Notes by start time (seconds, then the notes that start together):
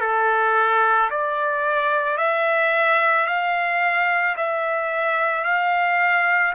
0.00 A4
1.10 D5
2.17 E5
3.27 F5
4.36 E5
5.44 F5